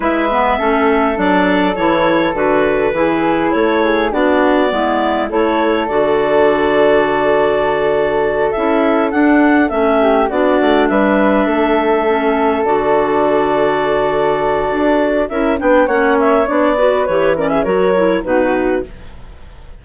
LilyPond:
<<
  \new Staff \with { instrumentName = "clarinet" } { \time 4/4 \tempo 4 = 102 e''2 d''4 cis''4 | b'2 cis''4 d''4~ | d''4 cis''4 d''2~ | d''2~ d''8 e''4 fis''8~ |
fis''8 e''4 d''4 e''4.~ | e''4. d''2~ d''8~ | d''2 e''8 g''8 fis''8 e''8 | d''4 cis''8 d''16 e''16 cis''4 b'4 | }
  \new Staff \with { instrumentName = "flute" } { \time 4/4 b'4 a'2.~ | a'4 gis'4 a'8 gis'8 fis'4 | e'4 a'2.~ | a'1~ |
a'4 g'8 fis'4 b'4 a'8~ | a'1~ | a'2 ais'8 b'8 cis''4~ | cis''8 b'4 ais'16 gis'16 ais'4 fis'4 | }
  \new Staff \with { instrumentName = "clarinet" } { \time 4/4 e'8 b8 cis'4 d'4 e'4 | fis'4 e'2 d'4 | b4 e'4 fis'2~ | fis'2~ fis'8 e'4 d'8~ |
d'8 cis'4 d'2~ d'8~ | d'8 cis'4 fis'2~ fis'8~ | fis'2 e'8 d'8 cis'4 | d'8 fis'8 g'8 cis'8 fis'8 e'8 dis'4 | }
  \new Staff \with { instrumentName = "bassoon" } { \time 4/4 gis4 a4 fis4 e4 | d4 e4 a4 b4 | gis4 a4 d2~ | d2~ d8 cis'4 d'8~ |
d'8 a4 b8 a8 g4 a8~ | a4. d2~ d8~ | d4 d'4 cis'8 b8 ais4 | b4 e4 fis4 b,4 | }
>>